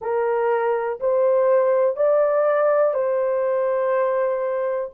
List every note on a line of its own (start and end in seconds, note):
0.01 0.99 A#4
1.00 1.96 C5
1.96 2.94 D5
2.94 4.90 C5